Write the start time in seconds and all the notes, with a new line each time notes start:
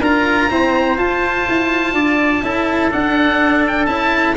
0.00 D4 F4 A#4 A#5
0.50 C4 E4 C5
0.97 F4 A5
1.48 E4
1.93 D4 D5
2.42 C#4 E4 A4
2.91 D4 F#5
3.67 G5
3.85 C#4 E4 A5